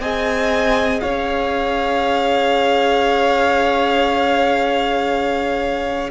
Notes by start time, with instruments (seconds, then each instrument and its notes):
0.00 cello C4, viola G#4, violin D#5 G#5
1.01 cello C#4, violin C#5 F5